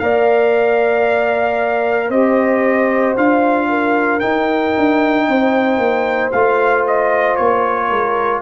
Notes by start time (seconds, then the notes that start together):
0.00 A#3 A#4 D5 F5
2.09 C4 G4 C5 D#5
3.17 D4 F4 F5
3.69 A#4
4.20 D#4 G5
4.77 D4
5.28 C4 C5
5.78 A#3
6.32 A3 F4 F5
6.87 D#5
7.36 A#3 C#5
7.89 G#3 A#4